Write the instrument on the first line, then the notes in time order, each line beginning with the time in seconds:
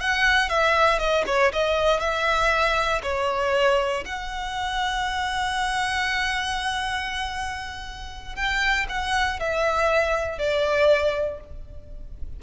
violin
0.00 F#5
0.49 E5
0.98 D#5
1.26 C#5
1.53 D#5
2.00 E5
3.03 C#5
4.05 F#5
8.35 G5
8.89 F#5
9.40 E5
10.38 D5